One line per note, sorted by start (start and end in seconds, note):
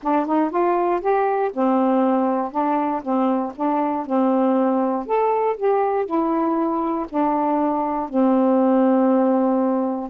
0.02 0.25 D4
0.25 0.50 D#4
0.50 1.00 F4
1.00 1.51 G4
1.53 2.51 C4
2.51 3.01 D4
3.02 3.52 C4
3.55 4.06 D4
4.06 5.06 C4
5.06 5.56 A4
5.56 6.05 G4
6.05 7.06 E4
7.09 8.09 D4
8.09 10.10 C4